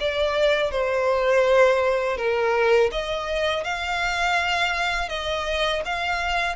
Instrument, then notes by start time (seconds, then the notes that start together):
violin
0.00 D5
0.71 C5
2.17 A#4
2.92 D#5
3.64 F5
5.09 D#5
5.85 F5